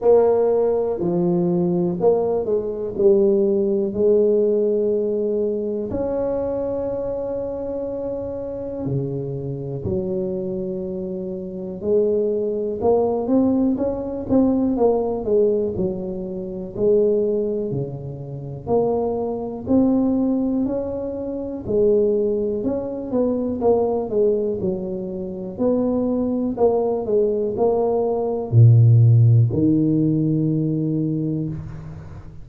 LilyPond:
\new Staff \with { instrumentName = "tuba" } { \time 4/4 \tempo 4 = 61 ais4 f4 ais8 gis8 g4 | gis2 cis'2~ | cis'4 cis4 fis2 | gis4 ais8 c'8 cis'8 c'8 ais8 gis8 |
fis4 gis4 cis4 ais4 | c'4 cis'4 gis4 cis'8 b8 | ais8 gis8 fis4 b4 ais8 gis8 | ais4 ais,4 dis2 | }